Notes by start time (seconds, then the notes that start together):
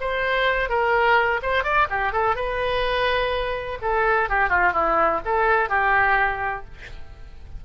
0.00 C5
0.69 A#4
1.42 C5
1.63 D5
1.90 G4
2.12 A4
2.35 B4
3.81 A4
4.29 G4
4.49 F4
4.72 E4
5.25 A4
5.69 G4